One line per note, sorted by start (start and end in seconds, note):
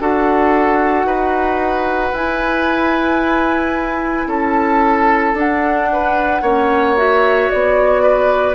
0.00 1.05 D4
0.00 2.15 F#4
0.00 1.07 A4
0.00 2.15 F#5
1.05 2.12 D#4
1.05 4.28 B4
2.12 4.27 E4
2.12 5.36 E4
2.12 4.30 G#5
4.27 5.34 C#4
4.27 5.89 A4
4.27 5.38 A5
5.34 6.41 D4
5.34 6.43 D4
5.34 6.97 F#5
5.93 6.43 B4
6.42 7.49 A#3
6.42 6.97 C#4
6.42 8.03 C#5
6.97 8.55 F#4
6.97 7.51 E5
7.51 8.55 B3
7.51 8.55 D5
8.03 8.55 B4